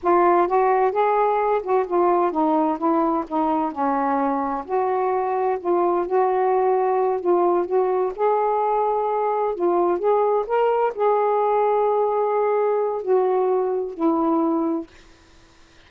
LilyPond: \new Staff \with { instrumentName = "saxophone" } { \time 4/4 \tempo 4 = 129 f'4 fis'4 gis'4. fis'8 | f'4 dis'4 e'4 dis'4 | cis'2 fis'2 | f'4 fis'2~ fis'8 f'8~ |
f'8 fis'4 gis'2~ gis'8~ | gis'8 f'4 gis'4 ais'4 gis'8~ | gis'1 | fis'2 e'2 | }